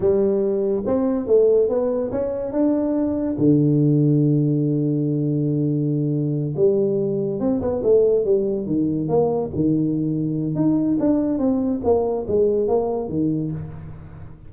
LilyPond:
\new Staff \with { instrumentName = "tuba" } { \time 4/4 \tempo 4 = 142 g2 c'4 a4 | b4 cis'4 d'2 | d1~ | d2.~ d8 g8~ |
g4. c'8 b8 a4 g8~ | g8 dis4 ais4 dis4.~ | dis4 dis'4 d'4 c'4 | ais4 gis4 ais4 dis4 | }